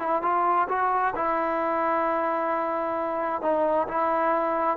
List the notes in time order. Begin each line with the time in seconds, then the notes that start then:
0.00 E4
0.23 F4
0.69 F#4
1.16 E4
3.42 D#4
3.88 E4